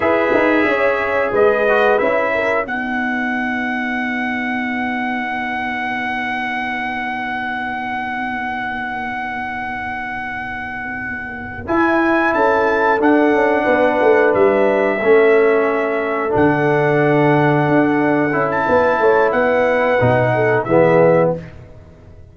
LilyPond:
<<
  \new Staff \with { instrumentName = "trumpet" } { \time 4/4 \tempo 4 = 90 e''2 dis''4 e''4 | fis''1~ | fis''1~ | fis''1~ |
fis''4. gis''4 a''4 fis''8~ | fis''4. e''2~ e''8~ | e''8 fis''2.~ fis''16 a''16~ | a''4 fis''2 e''4 | }
  \new Staff \with { instrumentName = "horn" } { \time 4/4 b'4 cis''4 b'4. ais'8 | b'1~ | b'1~ | b'1~ |
b'2~ b'8 a'4.~ | a'8 b'2 a'4.~ | a'1 | b'8 cis''8 b'4. a'8 gis'4 | }
  \new Staff \with { instrumentName = "trombone" } { \time 4/4 gis'2~ gis'8 fis'8 e'4 | dis'1~ | dis'1~ | dis'1~ |
dis'4. e'2 d'8~ | d'2~ d'8 cis'4.~ | cis'8 d'2. e'8~ | e'2 dis'4 b4 | }
  \new Staff \with { instrumentName = "tuba" } { \time 4/4 e'8 dis'8 cis'4 gis4 cis'4 | b1~ | b1~ | b1~ |
b4. e'4 cis'4 d'8 | cis'8 b8 a8 g4 a4.~ | a8 d2 d'4 cis'8 | b8 a8 b4 b,4 e4 | }
>>